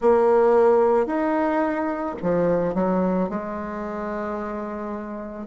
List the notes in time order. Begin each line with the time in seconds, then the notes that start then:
0.00 A#3
1.06 D#4
2.22 F3
2.74 F#3
3.29 G#3